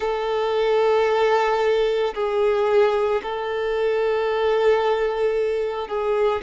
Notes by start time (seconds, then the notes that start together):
0.00 A4
2.14 G#4
3.22 A4
5.87 G#4